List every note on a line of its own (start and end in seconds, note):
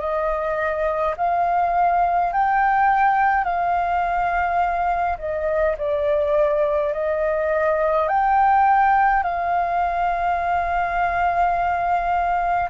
0.00 1.15 D#5
1.17 2.32 F5
2.32 3.44 G5
3.44 5.18 F5
5.18 5.76 D#5
5.78 6.93 D5
6.93 8.08 D#5
8.08 9.23 G5
9.23 12.69 F5